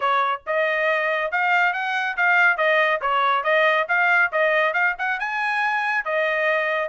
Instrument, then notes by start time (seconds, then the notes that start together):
trumpet
0.00 C#5
0.46 D#5
1.31 F5
1.73 F#5
2.16 F5
2.57 D#5
3.01 C#5
3.43 D#5
3.88 F5
4.31 D#5
4.73 F5
4.98 F#5
5.19 G#5
6.04 D#5